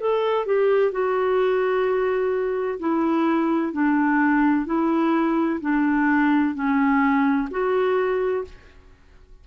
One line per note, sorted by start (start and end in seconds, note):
0.00 0.46 A4
0.46 0.92 G4
0.92 2.80 F#4
2.80 3.73 E4
3.73 4.66 D4
4.66 5.60 E4
5.61 6.55 D4
6.55 7.49 C#4
7.51 8.45 F#4